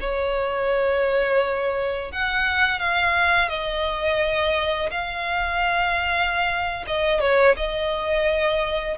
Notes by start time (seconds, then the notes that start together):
0.00 C#5
2.11 F#5
2.79 F5
3.48 D#5
4.91 F5
6.87 D#5
7.20 C#5
7.57 D#5